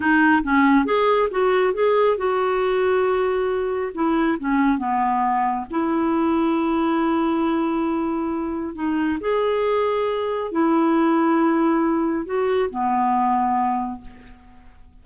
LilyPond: \new Staff \with { instrumentName = "clarinet" } { \time 4/4 \tempo 4 = 137 dis'4 cis'4 gis'4 fis'4 | gis'4 fis'2.~ | fis'4 e'4 cis'4 b4~ | b4 e'2.~ |
e'1 | dis'4 gis'2. | e'1 | fis'4 b2. | }